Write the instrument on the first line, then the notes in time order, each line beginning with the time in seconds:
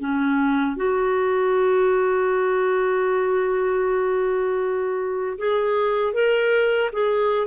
clarinet
0.00 C#4
0.77 F#4
5.38 G#4
6.14 A#4
6.93 G#4